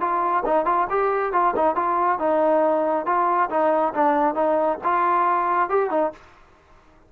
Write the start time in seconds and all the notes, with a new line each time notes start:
0.00 F4
0.45 D#4
0.66 F4
0.90 G4
1.32 F4
1.56 D#4
1.75 F4
2.19 D#4
3.06 F4
3.50 D#4
3.94 D4
4.35 D#4
4.84 F4
5.69 G4
5.90 D#4